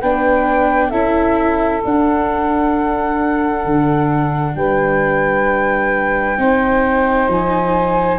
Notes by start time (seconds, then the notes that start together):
0.00 B3 D4 B4 G5
0.88 C#4 E4 A4 E5
1.84 D4 F#5
3.65 D3
4.55 G3 B4 G5
6.38 C4 D#4 C5
7.28 F3 G#5